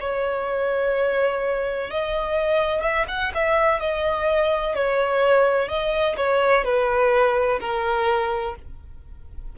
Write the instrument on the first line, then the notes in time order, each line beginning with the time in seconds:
violin
0.00 C#5
1.90 D#5
2.82 E5
3.08 F#5
3.35 E5
3.80 D#5
4.75 C#5
5.68 D#5
6.17 C#5
6.65 B4
7.60 A#4